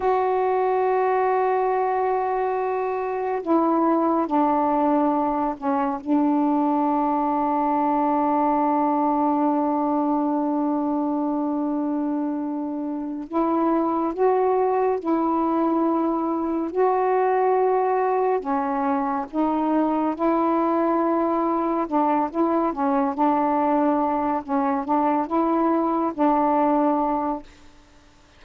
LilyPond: \new Staff \with { instrumentName = "saxophone" } { \time 4/4 \tempo 4 = 70 fis'1 | e'4 d'4. cis'8 d'4~ | d'1~ | d'2.~ d'8 e'8~ |
e'8 fis'4 e'2 fis'8~ | fis'4. cis'4 dis'4 e'8~ | e'4. d'8 e'8 cis'8 d'4~ | d'8 cis'8 d'8 e'4 d'4. | }